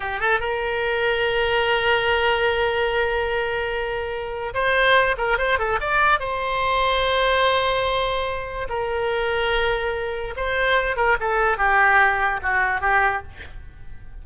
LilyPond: \new Staff \with { instrumentName = "oboe" } { \time 4/4 \tempo 4 = 145 g'8 a'8 ais'2.~ | ais'1~ | ais'2. c''4~ | c''8 ais'8 c''8 a'8 d''4 c''4~ |
c''1~ | c''4 ais'2.~ | ais'4 c''4. ais'8 a'4 | g'2 fis'4 g'4 | }